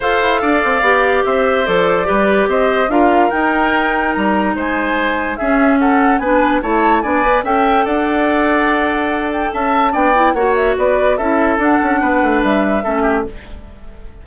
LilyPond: <<
  \new Staff \with { instrumentName = "flute" } { \time 4/4 \tempo 4 = 145 f''2. e''4 | d''2 dis''4 f''4 | g''2 ais''4 gis''4~ | gis''4 e''4 fis''4 gis''4 |
a''4 gis''4 g''4 fis''4~ | fis''2~ fis''8 g''8 a''4 | g''4 fis''8 e''8 d''4 e''4 | fis''2 e''2 | }
  \new Staff \with { instrumentName = "oboe" } { \time 4/4 c''4 d''2 c''4~ | c''4 b'4 c''4 ais'4~ | ais'2. c''4~ | c''4 gis'4 a'4 b'4 |
cis''4 d''4 e''4 d''4~ | d''2. e''4 | d''4 cis''4 b'4 a'4~ | a'4 b'2 a'8 g'8 | }
  \new Staff \with { instrumentName = "clarinet" } { \time 4/4 a'2 g'2 | a'4 g'2 f'4 | dis'1~ | dis'4 cis'2 d'4 |
e'4 d'8 b'8 a'2~ | a'1 | d'8 e'8 fis'2 e'4 | d'2. cis'4 | }
  \new Staff \with { instrumentName = "bassoon" } { \time 4/4 f'8 e'8 d'8 c'8 b4 c'4 | f4 g4 c'4 d'4 | dis'2 g4 gis4~ | gis4 cis'2 b4 |
a4 b4 cis'4 d'4~ | d'2. cis'4 | b4 ais4 b4 cis'4 | d'8 cis'8 b8 a8 g4 a4 | }
>>